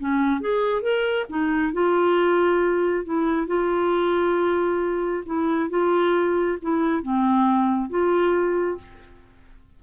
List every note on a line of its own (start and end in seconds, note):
0.00 0.41 C#4
0.41 0.82 G#4
0.82 1.26 A#4
1.30 1.73 D#4
1.73 3.05 F4
3.05 3.47 E4
3.47 5.24 F4
5.26 5.70 E4
5.70 6.58 F4
6.62 7.03 E4
7.03 7.90 C4
7.90 8.78 F4